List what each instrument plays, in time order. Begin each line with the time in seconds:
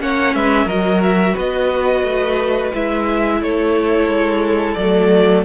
0.00 cello A#3, viola C#4, violin C#5 F#5
0.35 cello G#3, violin B4 E5
0.66 cello F#3, viola F#4, violin A#4 D#5
1.02 violin E5
1.35 cello B3, violin B4 D#5
2.04 cello A3
2.74 cello G#3, viola E4, violin E5
3.42 cello A3, violin A4 C#5
4.08 cello G#3
4.74 cello F#3, violin D5
4.80 viola A3